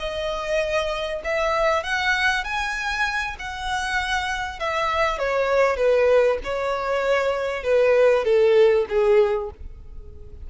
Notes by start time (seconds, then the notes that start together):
0.00 D#5
1.24 E5
1.84 F#5
2.45 G#5
3.39 F#5
4.60 E5
5.19 C#5
5.77 B4
6.44 C#5
7.64 B4
8.25 A4
8.89 G#4